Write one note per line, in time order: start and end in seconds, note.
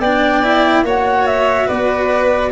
0.00 0.83 B3
0.00 0.44 D4
0.00 0.84 D5
0.00 0.84 G5
0.44 0.85 E4
0.84 1.67 A#3
0.84 2.52 F#4
0.84 1.67 C#5
0.84 1.27 F#5
1.27 1.68 E5
1.67 2.52 B3
1.67 2.50 B4
1.67 2.52 D5